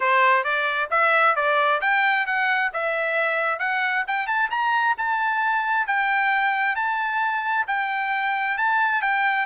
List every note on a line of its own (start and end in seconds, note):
0.00 0.44 C5
0.44 0.89 D5
0.90 1.35 E5
1.35 1.80 D5
1.81 2.26 G5
2.26 2.71 F#5
2.73 3.59 E5
3.59 4.04 F#5
4.07 4.27 G5
4.27 4.49 A5
4.50 4.95 A#5
4.97 5.86 A5
5.86 6.75 G5
6.75 7.65 A5
7.67 8.57 G5
8.57 9.01 A5
9.01 9.46 G5